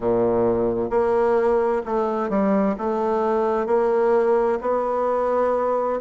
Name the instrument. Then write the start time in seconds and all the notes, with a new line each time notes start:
bassoon
0.00 A#2
0.89 A#3
1.85 A3
2.29 G3
2.78 A3
3.66 A#3
4.61 B3